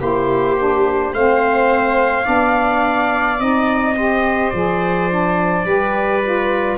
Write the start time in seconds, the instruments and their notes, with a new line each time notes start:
0.00 tuba A#3, saxophone E4, viola G4, trumpet C5
0.57 saxophone D4
1.13 tuba A3, saxophone C4, viola C5, trumpet F5
2.25 tuba B3, saxophone D4, viola D5
3.39 tuba C4, saxophone D#4, trumpet D#5
3.97 saxophone G4, viola C5
4.51 tuba F3, saxophone G#4, trumpet D5
5.11 saxophone D4
5.66 tuba G3, saxophone G4, viola B4
6.23 saxophone F4